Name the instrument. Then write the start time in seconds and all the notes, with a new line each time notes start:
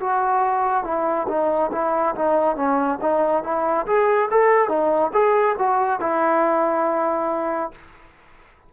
trombone
0.00 F#4
0.84 E4
1.28 D#4
1.72 E4
2.15 D#4
2.56 C#4
3.01 D#4
3.43 E4
3.86 G#4
4.31 A4
4.68 D#4
5.13 G#4
5.58 F#4
6.00 E4